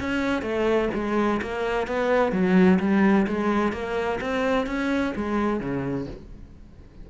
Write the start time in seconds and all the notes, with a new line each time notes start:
0.00 C#4
0.42 A3
0.94 G#3
1.42 A#3
1.87 B3
2.32 F#3
2.80 G3
3.27 G#3
3.73 A#3
4.21 C4
4.67 C#4
5.16 G#3
5.60 C#3